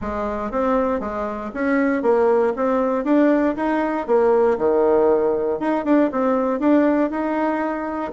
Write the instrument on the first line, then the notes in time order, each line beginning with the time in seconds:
bassoon
0.01 G#3
0.51 C4
1.00 G#3
1.54 C#4
2.02 A#3
2.55 C4
3.04 D4
3.56 D#4
4.06 A#3
4.58 D#3
5.59 D#4
5.85 D4
6.11 C4
6.59 D4
7.10 D#4